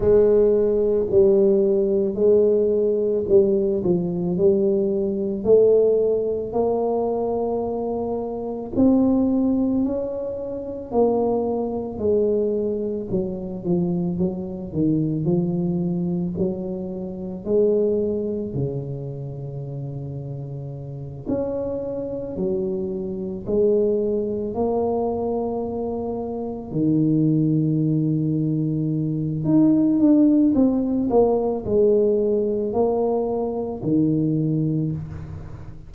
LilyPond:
\new Staff \with { instrumentName = "tuba" } { \time 4/4 \tempo 4 = 55 gis4 g4 gis4 g8 f8 | g4 a4 ais2 | c'4 cis'4 ais4 gis4 | fis8 f8 fis8 dis8 f4 fis4 |
gis4 cis2~ cis8 cis'8~ | cis'8 fis4 gis4 ais4.~ | ais8 dis2~ dis8 dis'8 d'8 | c'8 ais8 gis4 ais4 dis4 | }